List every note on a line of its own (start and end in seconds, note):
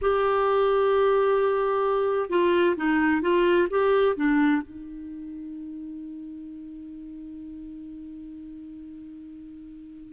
0.01 2.29 G4
2.29 2.75 F4
2.76 3.21 D#4
3.21 3.68 F4
3.69 4.15 G4
4.16 4.62 D4
4.62 10.12 D#4